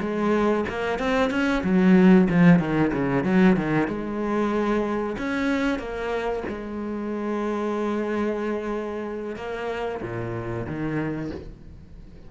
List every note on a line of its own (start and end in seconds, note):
0.00 0.65 G#3
0.68 0.98 A#3
0.98 1.30 C4
1.30 1.62 C#4
1.63 2.28 F#3
2.29 2.59 F3
2.59 2.91 D#3
2.92 3.24 C#3
3.24 3.56 F#3
3.56 3.87 D#3
3.87 5.16 G#3
5.18 5.78 C#4
5.78 6.43 A#3
6.48 9.36 G#3
9.36 10.00 A#3
10.02 10.66 A#2
10.66 11.30 D#3